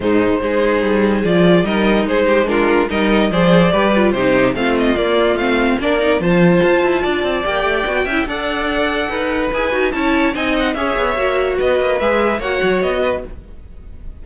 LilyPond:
<<
  \new Staff \with { instrumentName = "violin" } { \time 4/4 \tempo 4 = 145 c''2. d''4 | dis''4 c''4 ais'4 dis''4 | d''2 c''4 f''8 dis''8 | d''4 f''4 d''4 a''4~ |
a''2 g''2 | fis''2. gis''4 | a''4 gis''8 fis''8 e''2 | dis''4 e''4 fis''4 dis''4 | }
  \new Staff \with { instrumentName = "violin" } { \time 4/4 dis'4 gis'2. | ais'4 gis'8 g'8 f'4 ais'4 | c''4 b'4 g'4 f'4~ | f'2 ais'4 c''4~ |
c''4 d''2~ d''8 e''8 | d''2 b'2 | cis''4 dis''4 cis''2 | b'2 cis''4. b'8 | }
  \new Staff \with { instrumentName = "viola" } { \time 4/4 gis4 dis'2 f'4 | dis'2 d'4 dis'4 | gis'4 g'8 f'8 dis'4 c'4 | ais4 c'4 d'8 dis'8 f'4~ |
f'2 g'4 fis'8 e'8 | a'2. gis'8 fis'8 | e'4 dis'4 gis'4 fis'4~ | fis'4 gis'4 fis'2 | }
  \new Staff \with { instrumentName = "cello" } { \time 4/4 gis,4 gis4 g4 f4 | g4 gis2 g4 | f4 g4 c4 a4 | ais4 a4 ais4 f4 |
f'8 e'8 d'8 c'8 ais8 a8 b8 cis'8 | d'2 dis'4 e'8 dis'8 | cis'4 c'4 cis'8 b8 ais4 | b8 ais8 gis4 ais8 fis8 b4 | }
>>